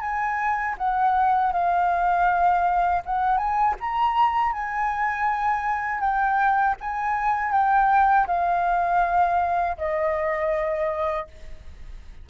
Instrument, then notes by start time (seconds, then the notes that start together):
flute
0.00 G#5
0.77 F#5
1.52 F5
3.05 F#5
3.37 G#5
3.80 A#5
4.52 G#5
6.00 G5
6.80 G#5
7.51 G5
8.27 F5
9.77 D#5